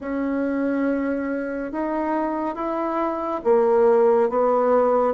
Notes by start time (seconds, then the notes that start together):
0.00 C#4
1.71 D#4
2.55 E4
3.44 A#3
4.29 B3